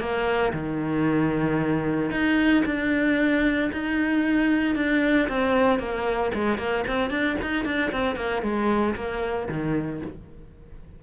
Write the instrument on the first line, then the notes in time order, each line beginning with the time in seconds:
cello
0.00 A#3
0.53 D#3
2.11 D#4
2.66 D4
3.72 D#4
4.76 D4
5.29 C4
5.79 A#3
6.34 G#3
6.58 A#3
6.87 C4
7.10 D4
7.42 D#4
7.65 D4
7.92 C4
8.16 A#3
8.42 G#3
8.95 A#3
9.49 D#3